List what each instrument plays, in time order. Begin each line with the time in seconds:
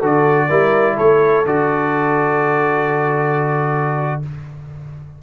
0.00 tuba D3, trombone F#4, horn A4, trumpet D5
0.50 tuba G3, trombone E4, horn A#4
0.97 tuba A3, horn A4, trumpet C#5
1.46 tuba D3, trombone F#4, trumpet D5